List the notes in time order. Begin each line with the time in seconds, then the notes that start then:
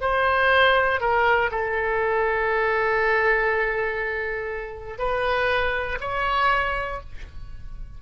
0.00 C5
1.00 A#4
1.50 A4
4.98 B4
6.00 C#5